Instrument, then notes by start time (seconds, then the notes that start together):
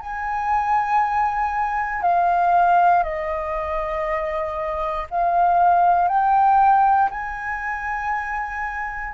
flute
0.00 G#5
2.02 F5
3.03 D#5
5.10 F5
6.08 G5
7.10 G#5